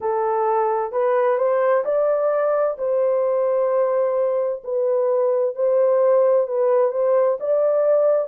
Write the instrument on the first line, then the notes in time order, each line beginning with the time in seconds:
horn
0.00 A4
0.92 B4
1.38 C5
1.85 D5
2.78 C5
4.64 B4
5.55 C5
6.47 B4
6.91 C5
7.40 D5